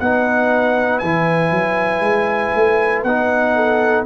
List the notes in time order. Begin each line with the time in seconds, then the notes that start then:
0.00 B3 D#4 B4 F#5
0.99 E3 E4 G#5
1.52 F#3
2.01 G#3
2.56 A3
3.04 B3 D#4 F#5
3.56 A4